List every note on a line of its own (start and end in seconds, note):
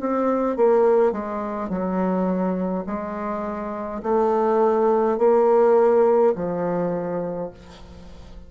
0.00 0.56 C4
0.56 1.12 A#3
1.12 1.69 G#3
1.69 2.84 F#3
2.86 4.01 G#3
4.02 5.18 A3
5.18 6.33 A#3
6.35 7.50 F3